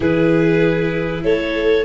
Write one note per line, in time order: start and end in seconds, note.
0.00 1.23 E3
0.00 1.85 E4
0.00 1.21 G#4
0.00 1.24 B4
1.23 1.85 A3
1.23 1.85 A4
1.23 1.85 C#5